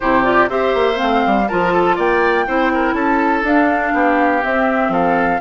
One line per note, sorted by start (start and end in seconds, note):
0.00 0.49 C3
0.00 0.23 E4
0.00 0.49 G4
0.00 0.24 C5
0.23 0.48 F4
0.23 0.49 D5
0.49 0.74 C4
0.49 0.94 G4
0.49 1.48 C5
0.49 0.99 E5
0.74 0.98 A#3
0.94 1.43 C4
0.94 1.48 F5
1.01 1.26 A3
1.26 1.50 G3
1.48 1.97 F3
1.48 2.46 F4
1.48 1.72 A#4
1.48 1.97 A5
1.72 1.96 A4
1.96 2.46 A#3
1.96 2.45 D5
1.96 2.94 G5
2.46 2.93 C4
2.46 3.44 E4
2.46 2.71 C5
2.74 2.94 A#4
2.93 3.42 C#4
2.93 3.92 A4
2.93 3.43 A5
3.42 3.92 D4
3.42 4.41 D4
3.42 4.44 F5
3.93 4.42 B3
3.93 4.91 G4
4.41 5.40 C4
4.41 4.88 C4
4.41 4.92 E5
4.88 5.37 F3
4.88 5.40 A4
4.88 5.40 F5